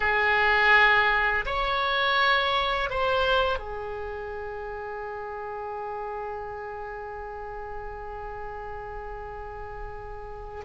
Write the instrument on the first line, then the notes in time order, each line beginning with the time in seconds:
oboe
0.00 G#4
1.45 C#5
2.89 C5
3.58 G#4